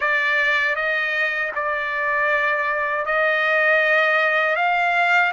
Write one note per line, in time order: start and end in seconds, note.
0.00 0.75 D5
0.75 1.51 D#5
1.55 3.05 D5
3.05 4.56 D#5
4.56 5.32 F5